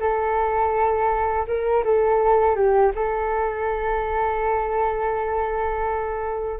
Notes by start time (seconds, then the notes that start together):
0.00 A4
1.47 A#4
1.84 A4
2.55 G4
2.95 A4